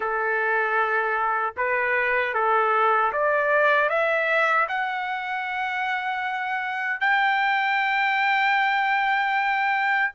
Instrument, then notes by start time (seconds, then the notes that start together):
trumpet
0.00 A4
1.56 B4
2.34 A4
3.12 D5
3.89 E5
4.68 F#5
7.00 G5